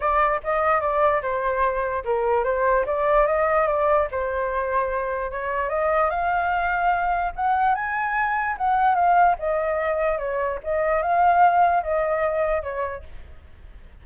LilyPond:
\new Staff \with { instrumentName = "flute" } { \time 4/4 \tempo 4 = 147 d''4 dis''4 d''4 c''4~ | c''4 ais'4 c''4 d''4 | dis''4 d''4 c''2~ | c''4 cis''4 dis''4 f''4~ |
f''2 fis''4 gis''4~ | gis''4 fis''4 f''4 dis''4~ | dis''4 cis''4 dis''4 f''4~ | f''4 dis''2 cis''4 | }